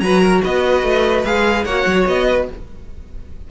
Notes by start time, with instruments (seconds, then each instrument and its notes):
0.00 cello F#3, viola F#4, violin B4 A#5
0.22 violin A#4
0.43 cello B3, violin B4 D#5
0.83 cello A3
1.25 cello G#3, viola G#4, violin F5
1.65 cello A#3, viola F#4, violin C#5 F#5
1.86 cello F#3
2.07 cello B3, violin D#5
2.27 violin B4